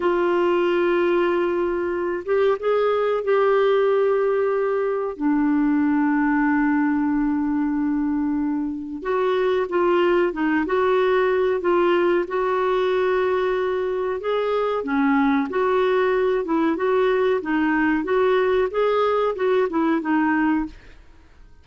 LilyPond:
\new Staff \with { instrumentName = "clarinet" } { \time 4/4 \tempo 4 = 93 f'2.~ f'8 g'8 | gis'4 g'2. | d'1~ | d'2 fis'4 f'4 |
dis'8 fis'4. f'4 fis'4~ | fis'2 gis'4 cis'4 | fis'4. e'8 fis'4 dis'4 | fis'4 gis'4 fis'8 e'8 dis'4 | }